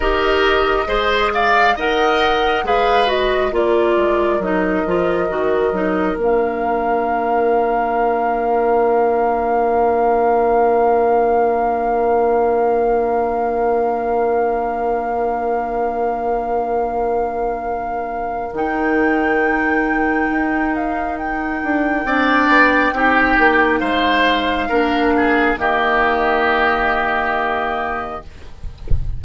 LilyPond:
<<
  \new Staff \with { instrumentName = "flute" } { \time 4/4 \tempo 4 = 68 dis''4. f''8 fis''4 f''8 dis''8 | d''4 dis''2 f''4~ | f''1~ | f''1~ |
f''1~ | f''4 g''2~ g''8 f''8 | g''2. f''4~ | f''4 dis''2. | }
  \new Staff \with { instrumentName = "oboe" } { \time 4/4 ais'4 c''8 d''8 dis''4 b'4 | ais'1~ | ais'1~ | ais'1~ |
ais'1~ | ais'1~ | ais'4 d''4 g'4 c''4 | ais'8 gis'8 g'2. | }
  \new Staff \with { instrumentName = "clarinet" } { \time 4/4 g'4 gis'4 ais'4 gis'8 fis'8 | f'4 dis'8 f'8 fis'8 dis'8 d'4~ | d'1~ | d'1~ |
d'1~ | d'4 dis'2.~ | dis'4 d'4 dis'2 | d'4 ais2. | }
  \new Staff \with { instrumentName = "bassoon" } { \time 4/4 dis'4 gis4 dis'4 gis4 | ais8 gis8 fis8 f8 dis8 fis8 ais4~ | ais1~ | ais1~ |
ais1~ | ais4 dis2 dis'4~ | dis'8 d'8 c'8 b8 c'8 ais8 gis4 | ais4 dis2. | }
>>